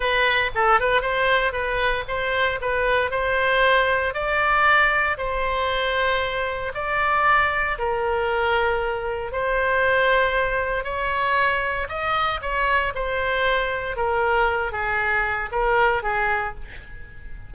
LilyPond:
\new Staff \with { instrumentName = "oboe" } { \time 4/4 \tempo 4 = 116 b'4 a'8 b'8 c''4 b'4 | c''4 b'4 c''2 | d''2 c''2~ | c''4 d''2 ais'4~ |
ais'2 c''2~ | c''4 cis''2 dis''4 | cis''4 c''2 ais'4~ | ais'8 gis'4. ais'4 gis'4 | }